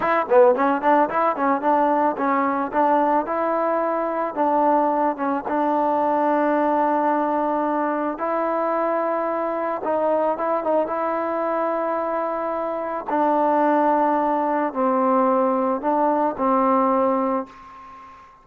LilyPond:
\new Staff \with { instrumentName = "trombone" } { \time 4/4 \tempo 4 = 110 e'8 b8 cis'8 d'8 e'8 cis'8 d'4 | cis'4 d'4 e'2 | d'4. cis'8 d'2~ | d'2. e'4~ |
e'2 dis'4 e'8 dis'8 | e'1 | d'2. c'4~ | c'4 d'4 c'2 | }